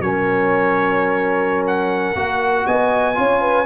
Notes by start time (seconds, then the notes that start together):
0.00 F#3 C#4 A#4 C#5
1.67 F#5
2.15 A#3 F#4
2.66 B3 D#5 G#5
3.14 C#4 F4 C#5
3.41 B4